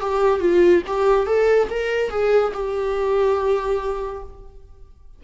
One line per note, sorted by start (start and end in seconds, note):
0.00 0.40 G4
0.40 0.82 F4
0.87 1.26 G4
1.26 1.69 A4
1.69 2.10 A#4
2.10 2.52 G#4
2.54 4.23 G4